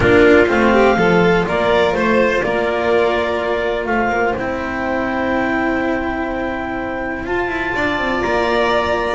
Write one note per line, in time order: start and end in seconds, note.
0.00 0.48 A#3
0.00 0.45 D4
0.00 0.72 F4
0.00 0.46 A#4
0.48 0.96 A3
0.48 0.96 C4
0.48 1.46 F5
0.72 0.96 G4
0.96 1.44 F3
0.96 4.36 F4
0.96 1.46 A4
1.47 1.93 A#3
1.47 1.96 A#4
1.47 1.92 D5
1.92 2.41 A3
1.92 2.41 C5
1.92 2.44 C5
2.42 3.86 A#3
2.42 3.89 A#4
2.42 3.85 D5
3.85 4.09 A3
3.85 7.75 C5
3.85 4.34 F5
4.09 4.33 A#3
4.36 7.24 C4
4.36 7.27 E4
4.36 7.26 G5
7.24 7.47 F4
7.24 9.15 F4
7.24 8.21 A5
7.47 7.71 E4
7.75 7.98 D4
7.75 9.15 D5
7.98 8.22 C4
8.21 9.15 A#3
8.21 9.15 A#5